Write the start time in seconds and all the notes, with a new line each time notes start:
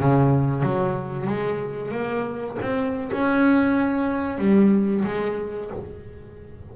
0.00 C#3
0.63 F#3
1.27 G#3
1.91 A#3
2.62 C4
3.12 C#4
4.38 G3
5.04 G#3